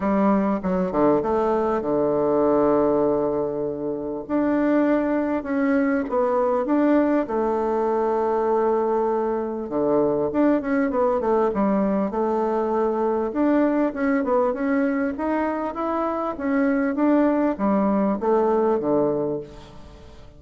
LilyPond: \new Staff \with { instrumentName = "bassoon" } { \time 4/4 \tempo 4 = 99 g4 fis8 d8 a4 d4~ | d2. d'4~ | d'4 cis'4 b4 d'4 | a1 |
d4 d'8 cis'8 b8 a8 g4 | a2 d'4 cis'8 b8 | cis'4 dis'4 e'4 cis'4 | d'4 g4 a4 d4 | }